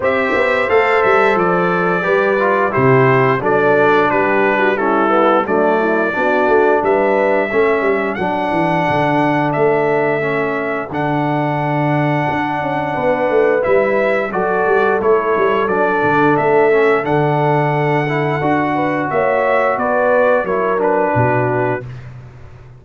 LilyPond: <<
  \new Staff \with { instrumentName = "trumpet" } { \time 4/4 \tempo 4 = 88 e''4 f''8 e''8 d''2 | c''4 d''4 b'4 a'4 | d''2 e''2 | fis''2 e''2 |
fis''1 | e''4 d''4 cis''4 d''4 | e''4 fis''2. | e''4 d''4 cis''8 b'4. | }
  \new Staff \with { instrumentName = "horn" } { \time 4/4 c''2. b'4 | g'4 a'4 g'8. fis'16 e'4 | d'8 e'8 fis'4 b'4 a'4~ | a'1~ |
a'2. b'4~ | b'4 a'2.~ | a'2.~ a'8 b'8 | cis''4 b'4 ais'4 fis'4 | }
  \new Staff \with { instrumentName = "trombone" } { \time 4/4 g'4 a'2 g'8 f'8 | e'4 d'2 cis'8 b8 | a4 d'2 cis'4 | d'2. cis'4 |
d'1 | e'4 fis'4 e'4 d'4~ | d'8 cis'8 d'4. e'8 fis'4~ | fis'2 e'8 d'4. | }
  \new Staff \with { instrumentName = "tuba" } { \time 4/4 c'8 b8 a8 g8 f4 g4 | c4 fis4 g2 | fis4 b8 a8 g4 a8 g8 | fis8 e8 d4 a2 |
d2 d'8 cis'8 b8 a8 | g4 fis8 g8 a8 g8 fis8 d8 | a4 d2 d'4 | ais4 b4 fis4 b,4 | }
>>